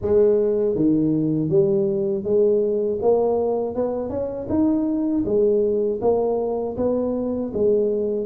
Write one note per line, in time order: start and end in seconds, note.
0.01 0.75 G#3
0.75 1.49 D#3
1.49 2.24 G3
2.24 2.99 G#3
3.01 3.75 A#3
3.75 4.09 B3
4.09 4.47 C#4
4.49 5.24 D#4
5.25 6.00 G#3
6.01 6.76 A#3
6.76 7.51 B3
7.53 8.26 G#3